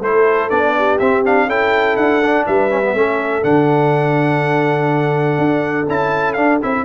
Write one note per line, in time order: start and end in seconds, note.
0.00 0.49 A3
0.00 0.50 E4
0.00 0.73 A4
0.00 0.49 C5
0.49 0.99 B3
0.49 0.99 D4
0.49 0.98 D5
0.77 1.47 G4
0.99 1.46 C4
0.99 1.24 C4
0.99 1.23 E5
1.24 1.48 D4
1.24 1.49 F5
1.46 1.95 C#4
1.46 2.22 E4
1.46 2.45 A4
1.46 1.96 G5
1.96 2.45 D4
1.96 2.45 F#5
2.22 2.70 D4
2.46 2.94 G3
2.46 2.95 B4
2.46 3.43 E5
2.70 2.82 C#4
2.82 2.94 B3
2.94 3.42 A3
2.94 3.42 C#4
2.94 6.85 A4
3.42 5.37 D3
3.42 5.86 D4
3.42 5.87 F#5
5.37 5.86 D4
5.88 6.36 C#4
5.88 6.36 E4
5.88 6.33 A5
6.33 6.60 D4
6.33 6.61 D4
6.33 6.57 F5
6.62 6.85 C4
6.62 6.85 E4
6.62 6.85 E5